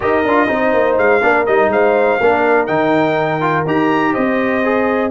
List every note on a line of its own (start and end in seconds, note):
0.00 0.24 D#4
0.00 0.23 G4
0.00 0.49 A#4
0.00 0.97 D#5
0.24 0.48 D4
0.24 0.47 F4
0.47 0.73 C4
0.47 1.21 D#4
0.47 1.21 C5
0.73 0.97 A#3
0.97 1.22 G#3
0.97 1.46 F5
1.21 1.47 A#3
1.21 1.46 D4
1.21 1.70 A#4
1.46 1.67 G3
1.46 2.20 D#4
1.46 1.70 D#5
1.67 2.16 G#3
1.67 2.21 C5
1.67 2.66 F5
2.20 2.68 A#3
2.20 2.67 D4
2.20 4.12 A#4
2.66 3.66 D#3
2.66 3.40 D#4
2.66 3.64 G5
3.40 3.65 F4
3.66 4.15 D#4
3.66 4.64 G4
3.66 4.13 A#5
4.12 5.10 C4
4.12 5.10 C5
4.12 5.10 D#5
4.64 5.10 G#4